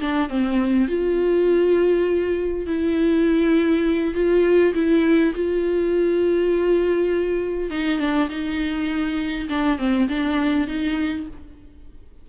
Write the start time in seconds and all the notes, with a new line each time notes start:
0.00 D4
0.29 C4
0.88 F4
2.66 E4
4.14 F4
4.74 E4
5.34 F4
7.70 D#4
7.99 D4
8.29 D#4
9.49 D4
9.78 C4
10.08 D4
10.67 D#4